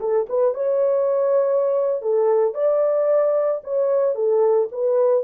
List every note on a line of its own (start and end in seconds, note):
0.00 0.27 A4
0.29 0.54 B4
0.54 2.02 C#5
2.02 2.54 A4
2.54 3.61 D5
3.64 4.15 C#5
4.15 4.69 A4
4.72 5.24 B4